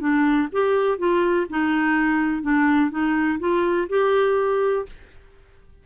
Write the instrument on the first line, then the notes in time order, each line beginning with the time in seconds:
clarinet
0.00 D4
0.52 G4
0.99 F4
1.50 D#4
2.43 D4
2.91 D#4
3.40 F4
3.89 G4